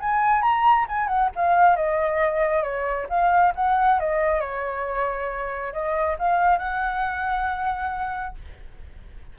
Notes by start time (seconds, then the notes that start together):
0.00 G#5
0.42 A#5
0.89 G#5
1.08 F#5
1.36 F5
1.76 D#5
2.63 C#5
3.10 F5
3.56 F#5
4.00 D#5
4.41 C#5
5.73 D#5
6.19 F5
6.59 F#5